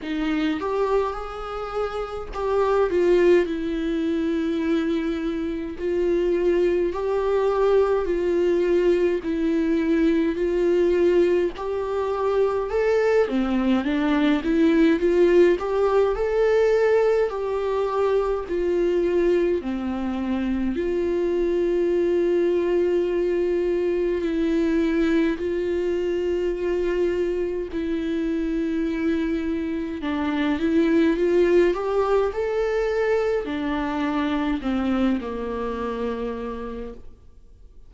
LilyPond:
\new Staff \with { instrumentName = "viola" } { \time 4/4 \tempo 4 = 52 dis'8 g'8 gis'4 g'8 f'8 e'4~ | e'4 f'4 g'4 f'4 | e'4 f'4 g'4 a'8 c'8 | d'8 e'8 f'8 g'8 a'4 g'4 |
f'4 c'4 f'2~ | f'4 e'4 f'2 | e'2 d'8 e'8 f'8 g'8 | a'4 d'4 c'8 ais4. | }